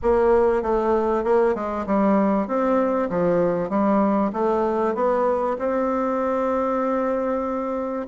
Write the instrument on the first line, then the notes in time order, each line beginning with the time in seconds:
bassoon
0.02 A#3
0.62 A3
1.24 A#3
1.54 G#3
1.86 G3
2.47 C4
3.09 F3
3.69 G3
4.32 A3
4.95 B3
5.58 C4